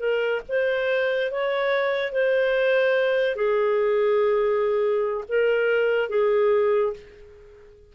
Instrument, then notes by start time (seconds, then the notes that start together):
clarinet
0.00 A#4
0.49 C5
1.32 C#5
2.12 C5
3.36 G#4
5.29 A#4
6.10 G#4